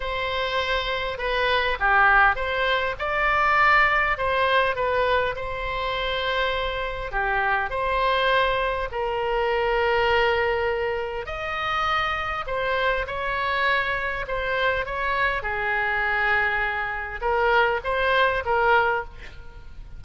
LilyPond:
\new Staff \with { instrumentName = "oboe" } { \time 4/4 \tempo 4 = 101 c''2 b'4 g'4 | c''4 d''2 c''4 | b'4 c''2. | g'4 c''2 ais'4~ |
ais'2. dis''4~ | dis''4 c''4 cis''2 | c''4 cis''4 gis'2~ | gis'4 ais'4 c''4 ais'4 | }